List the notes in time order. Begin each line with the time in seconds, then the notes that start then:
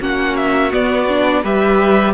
0.00 A#3 C#4 F#4 F#5
0.36 E5
0.71 B3 D5
1.09 D4
1.42 G3 G4 B4 E5